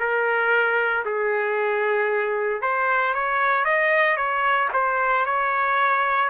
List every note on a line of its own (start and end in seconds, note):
0.00 1.04 A#4
1.05 2.62 G#4
2.62 3.14 C5
3.14 3.65 C#5
3.65 4.17 D#5
4.17 4.69 C#5
4.73 5.26 C5
5.26 6.30 C#5